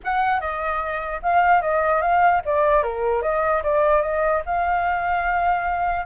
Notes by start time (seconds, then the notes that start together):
0.03 F#5
0.40 D#5
1.22 F5
1.61 D#5
2.01 F5
2.45 D5
2.82 A#4
3.22 D#5
3.63 D5
4.02 D#5
4.45 F5